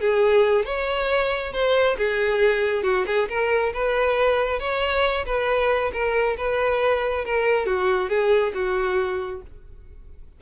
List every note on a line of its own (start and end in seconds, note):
0.00 0.65 G#4
0.65 1.52 C#5
1.53 1.96 C5
1.97 2.83 G#4
2.83 3.05 F#4
3.06 3.28 G#4
3.29 3.72 A#4
3.73 4.59 B4
4.59 5.25 C#5
5.26 5.91 B4
5.92 6.36 A#4
6.37 7.24 B4
7.25 7.66 A#4
7.66 8.09 F#4
8.09 8.53 G#4
8.54 9.41 F#4